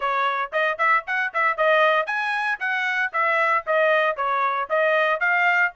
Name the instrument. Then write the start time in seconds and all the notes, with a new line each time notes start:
trumpet
0.00 C#5
0.52 D#5
0.78 E5
1.06 F#5
1.33 E5
1.57 D#5
2.06 G#5
2.59 F#5
3.12 E5
3.66 D#5
4.16 C#5
4.69 D#5
5.20 F5